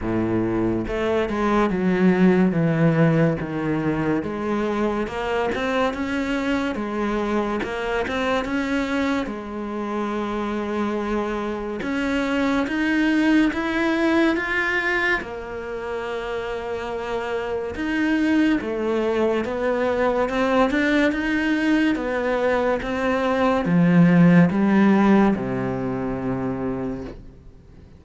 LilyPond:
\new Staff \with { instrumentName = "cello" } { \time 4/4 \tempo 4 = 71 a,4 a8 gis8 fis4 e4 | dis4 gis4 ais8 c'8 cis'4 | gis4 ais8 c'8 cis'4 gis4~ | gis2 cis'4 dis'4 |
e'4 f'4 ais2~ | ais4 dis'4 a4 b4 | c'8 d'8 dis'4 b4 c'4 | f4 g4 c2 | }